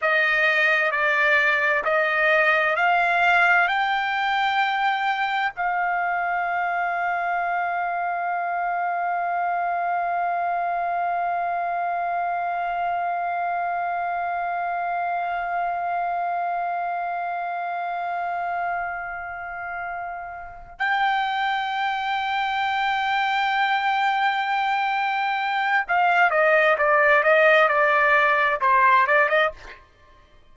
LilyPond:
\new Staff \with { instrumentName = "trumpet" } { \time 4/4 \tempo 4 = 65 dis''4 d''4 dis''4 f''4 | g''2 f''2~ | f''1~ | f''1~ |
f''1~ | f''2~ f''8 g''4.~ | g''1 | f''8 dis''8 d''8 dis''8 d''4 c''8 d''16 dis''16 | }